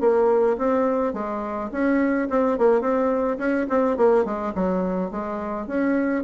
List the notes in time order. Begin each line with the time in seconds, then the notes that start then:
0.00 A#3
0.57 C4
1.13 G#3
1.72 C#4
2.30 C4
2.58 A#3
2.81 C4
3.38 C#4
3.69 C4
3.97 A#3
4.25 G#3
4.55 F#3
5.11 G#3
5.67 C#4